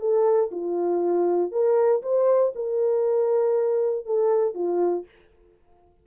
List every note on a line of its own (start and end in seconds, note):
0.00 0.50 A4
0.51 1.52 F4
1.52 2.02 A#4
2.02 2.53 C5
2.55 4.06 A#4
4.06 4.54 A4
4.54 5.05 F4